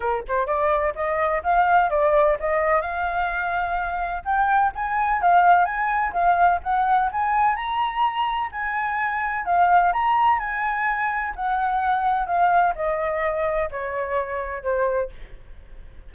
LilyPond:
\new Staff \with { instrumentName = "flute" } { \time 4/4 \tempo 4 = 127 ais'8 c''8 d''4 dis''4 f''4 | d''4 dis''4 f''2~ | f''4 g''4 gis''4 f''4 | gis''4 f''4 fis''4 gis''4 |
ais''2 gis''2 | f''4 ais''4 gis''2 | fis''2 f''4 dis''4~ | dis''4 cis''2 c''4 | }